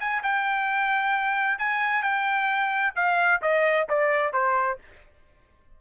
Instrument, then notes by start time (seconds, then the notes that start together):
trumpet
0.00 G#5
0.23 G5
1.59 G#5
2.03 G5
2.96 F5
3.42 D#5
3.89 D5
4.33 C5